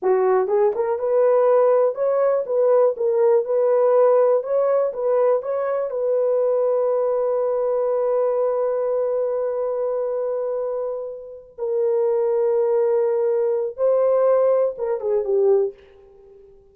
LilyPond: \new Staff \with { instrumentName = "horn" } { \time 4/4 \tempo 4 = 122 fis'4 gis'8 ais'8 b'2 | cis''4 b'4 ais'4 b'4~ | b'4 cis''4 b'4 cis''4 | b'1~ |
b'1~ | b'2.~ b'8 ais'8~ | ais'1 | c''2 ais'8 gis'8 g'4 | }